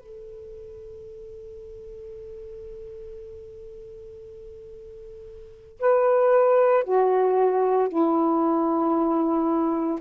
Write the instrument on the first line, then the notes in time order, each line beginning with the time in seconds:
saxophone
0.00 A4
5.80 B4
6.84 F#4
7.89 E4